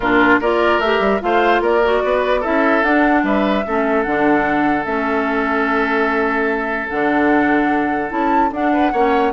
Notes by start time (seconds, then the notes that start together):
0.00 A#2 D4 F4 A#4
0.40 A#3 F4 A#4 D5
0.78 A3 G4 E5
0.99 G3
1.20 A3 F4 C5 F5
1.60 A#3 A#4 D5
1.83 F#4
2.04 B3 B4
2.40 C#4 E4 A4 E5
2.82 D4 F#5
3.23 G3 B4 E5
3.66 A3 C#4 A4
4.02 D3 D4 F#5
4.84 A3 C#4 E5
6.89 D3 D4 F#5
8.09 C#4 E4 A5
8.51 D4 F#5
8.72 B4
8.92 A#3 C#4 C#5